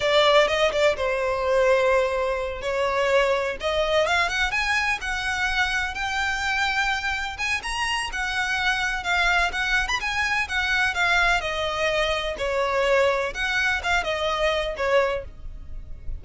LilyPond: \new Staff \with { instrumentName = "violin" } { \time 4/4 \tempo 4 = 126 d''4 dis''8 d''8 c''2~ | c''4. cis''2 dis''8~ | dis''8 f''8 fis''8 gis''4 fis''4.~ | fis''8 g''2. gis''8 |
ais''4 fis''2 f''4 | fis''8. b''16 gis''4 fis''4 f''4 | dis''2 cis''2 | fis''4 f''8 dis''4. cis''4 | }